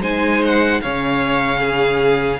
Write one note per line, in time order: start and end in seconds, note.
0.00 0.80 G#3
0.00 0.82 D#4
0.00 0.81 C5
0.00 0.43 G#5
0.45 0.81 F#5
0.81 2.40 C#3
0.81 2.40 C#4
0.81 1.60 C#5
0.81 2.40 F5
1.60 2.40 G#4